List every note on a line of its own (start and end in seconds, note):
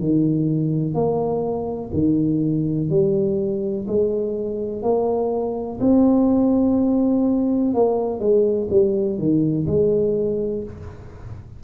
0.00 0.95 D#3
0.95 1.91 A#3
1.94 2.90 D#3
2.90 3.87 G3
3.88 4.83 G#3
4.83 5.80 A#3
5.81 7.74 C4
7.74 8.20 A#3
8.20 8.68 G#3
8.71 9.18 G3
9.18 9.67 D#3
9.67 10.64 G#3